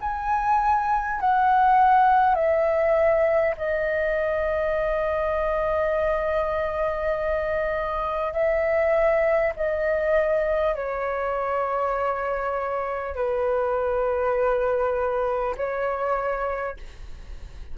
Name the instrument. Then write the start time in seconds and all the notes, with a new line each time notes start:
flute
0.00 G#5
1.20 F#5
2.35 E5
3.57 D#5
8.32 E5
9.56 D#5
10.75 C#5
13.15 B4
15.56 C#5